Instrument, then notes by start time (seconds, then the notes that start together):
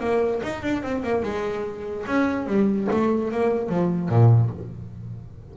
double bass
0.00 A#3
0.43 D#4
0.63 D4
0.83 C4
1.03 A#3
1.23 G#3
2.07 C#4
2.47 G3
2.91 A3
3.31 A#3
3.69 F3
4.09 A#2